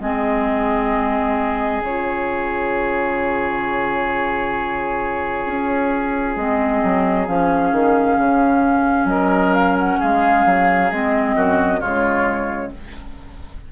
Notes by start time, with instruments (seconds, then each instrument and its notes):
0.00 bassoon G#3, clarinet C4, oboe G#4, flute D#5
1.81 bassoon C#3, clarinet F4, flute C#5
5.46 bassoon C#4
6.36 bassoon G#3, clarinet C4, flute D#5
6.84 bassoon F#3
7.27 bassoon F3, clarinet C#4, flute F5
7.72 bassoon D#3
8.18 bassoon C#3
9.05 bassoon F#3, oboe A#4, flute D#5
9.54 flute F5
9.79 flute F#5
10.00 bassoon G#3, oboe G#4, flute F5
10.46 bassoon F#3
10.91 bassoon G#3, clarinet C4, flute D#5
11.35 bassoon F#2, oboe F#4
11.80 bassoon C#3, clarinet G#3, oboe F4, flute C#5